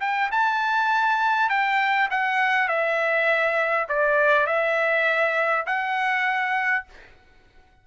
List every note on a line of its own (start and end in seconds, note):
0.00 0.30 G5
0.31 1.49 A5
1.49 2.08 G5
2.10 2.68 F#5
2.68 3.86 E5
3.88 4.46 D5
4.46 5.65 E5
5.66 6.85 F#5